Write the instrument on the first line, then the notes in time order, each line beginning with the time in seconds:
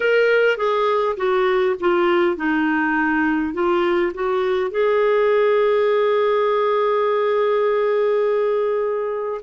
clarinet
0.00 A#4
0.57 G#4
1.17 F#4
1.80 F4
2.36 D#4
3.53 F4
4.14 F#4
4.71 G#4